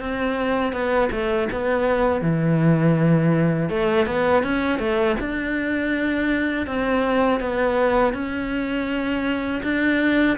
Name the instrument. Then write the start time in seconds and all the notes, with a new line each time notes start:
cello
0.00 C4
0.72 B3
1.11 A3
1.51 B3
2.21 E3
3.69 A3
4.06 B3
4.42 C#4
4.79 A3
5.19 D4
6.66 C4
7.40 B3
8.13 C#4
9.63 D4